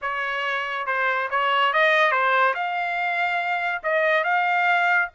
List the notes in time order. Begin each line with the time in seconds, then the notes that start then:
0.01 C#5
0.86 C5
1.30 C#5
1.73 D#5
2.11 C5
2.54 F5
3.83 D#5
4.23 F5